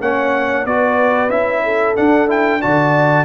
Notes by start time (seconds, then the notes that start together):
0.00 A#3 C#4 C#5 F#5
0.65 B3 F#4 B4 D5
1.29 C#4 E4 E5
1.64 A4
1.95 D4 F#5
2.27 E4 G5
2.61 D3 F#4 D5 A5